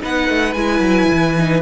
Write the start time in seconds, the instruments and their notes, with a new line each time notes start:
0.00 cello B3, viola D#4, violin B4 F#5
0.29 cello A3
0.53 cello G#3, viola E4, violin G#5
0.79 cello F#3
1.11 cello E3
1.37 viola D#4